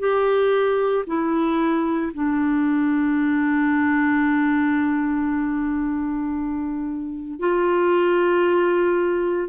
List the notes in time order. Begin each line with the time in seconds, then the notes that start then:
0.00 G4
1.07 E4
2.14 D4
7.40 F4